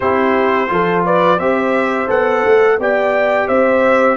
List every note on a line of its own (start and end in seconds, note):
0.00 0.69 C4
0.00 0.68 E4
0.00 0.69 G4
0.00 1.05 C5
0.68 1.39 F3
0.68 1.37 F4
0.68 1.05 A4
1.05 1.36 B4
1.05 1.39 D5
1.36 2.08 C4
1.36 2.07 G4
1.36 2.76 C5
1.36 2.09 E5
2.07 2.44 B3
2.07 2.77 A4
2.07 2.80 F#5
2.45 2.78 A3
2.78 3.48 B3
2.78 4.16 G4
2.78 3.47 D5
2.78 3.48 G5
3.47 4.16 C4
3.47 4.16 C5
3.47 4.16 E5